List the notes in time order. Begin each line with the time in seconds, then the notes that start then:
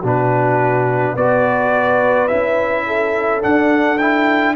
0.00 B2 D4 F#4
0.06 B4
1.16 B3 F#4 B4 D5
2.28 C#4 E4 E5
2.86 A4
3.41 D4 F#5
3.98 E4 G5